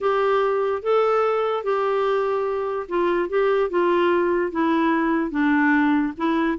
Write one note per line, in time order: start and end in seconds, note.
0.00 0.82 G4
0.82 1.63 A4
1.63 2.87 G4
2.88 3.29 F4
3.29 3.70 G4
3.70 4.51 F4
4.51 5.31 E4
5.31 6.13 D4
6.17 6.58 E4